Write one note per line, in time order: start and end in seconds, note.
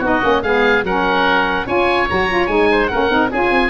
0.00 0.21 B3
0.00 0.22 D#4
0.00 0.41 F#4
0.07 0.43 D#5
0.22 0.43 A#3
0.22 0.43 C#4
0.43 0.84 G#3
0.43 0.86 B3
0.43 0.85 G#4
0.43 0.84 F5
0.84 1.66 F#3
0.84 1.67 C#4
0.84 1.66 A#4
0.84 1.68 F#5
1.66 2.08 C#4
1.66 2.08 F4
1.66 2.69 C#5
1.66 2.10 G#5
2.09 2.48 F#3
2.09 2.29 F#4
2.09 2.47 A#5
2.29 2.49 F4
2.47 2.89 G#3
2.47 2.90 D#4
2.47 2.88 G#5
2.71 2.91 C5
2.88 3.11 A#3
2.88 3.10 C#4
2.88 3.31 A#4
2.88 3.29 F#5
3.10 3.31 C4
3.10 3.31 D#4
3.31 3.51 C#4
3.31 3.70 F4
3.31 3.70 G#4
3.31 3.70 G#5
3.51 3.70 C4